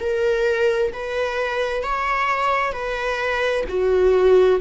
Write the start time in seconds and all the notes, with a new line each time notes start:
0.00 A#4
0.93 B4
1.83 C#5
2.72 B4
3.68 F#4